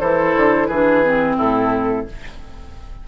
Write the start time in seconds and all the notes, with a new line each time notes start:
0.00 E3 E4 A4 C5
0.36 D3
0.67 E3 D4 G#4 B4
1.03 C4
1.37 A2 E4 A4